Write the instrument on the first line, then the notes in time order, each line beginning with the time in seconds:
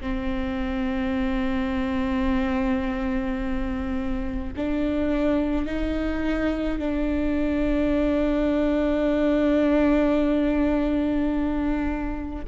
viola
0.00 C4
4.56 D4
5.66 D#4
6.79 D4